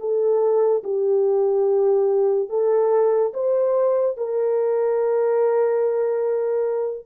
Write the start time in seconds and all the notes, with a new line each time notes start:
0.00 A4
0.84 G4
2.50 A4
3.34 C5
4.18 A#4